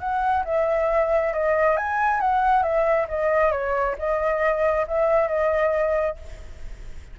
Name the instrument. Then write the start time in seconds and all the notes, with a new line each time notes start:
flute
0.00 F#5
0.45 E5
1.34 D#5
1.77 G#5
2.21 F#5
2.63 E5
3.09 D#5
3.52 C#5
3.99 D#5
4.88 E5
5.29 D#5